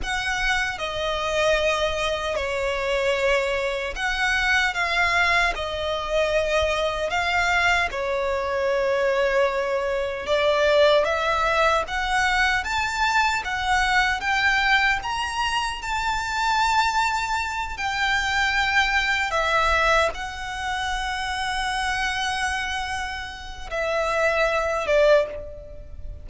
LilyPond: \new Staff \with { instrumentName = "violin" } { \time 4/4 \tempo 4 = 76 fis''4 dis''2 cis''4~ | cis''4 fis''4 f''4 dis''4~ | dis''4 f''4 cis''2~ | cis''4 d''4 e''4 fis''4 |
a''4 fis''4 g''4 ais''4 | a''2~ a''8 g''4.~ | g''8 e''4 fis''2~ fis''8~ | fis''2 e''4. d''8 | }